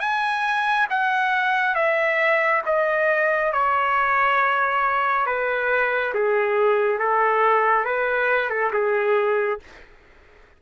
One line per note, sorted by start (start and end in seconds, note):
0.00 0.87 G#5
0.90 1.75 F#5
1.75 2.62 E5
2.66 3.53 D#5
3.53 5.26 C#5
5.26 6.13 B4
6.14 6.99 G#4
6.99 7.85 A4
7.85 8.50 B4
8.50 8.72 A4
8.73 9.60 G#4